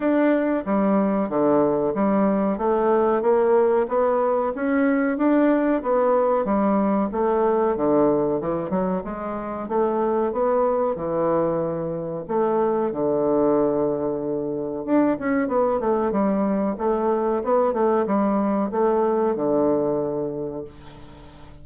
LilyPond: \new Staff \with { instrumentName = "bassoon" } { \time 4/4 \tempo 4 = 93 d'4 g4 d4 g4 | a4 ais4 b4 cis'4 | d'4 b4 g4 a4 | d4 e8 fis8 gis4 a4 |
b4 e2 a4 | d2. d'8 cis'8 | b8 a8 g4 a4 b8 a8 | g4 a4 d2 | }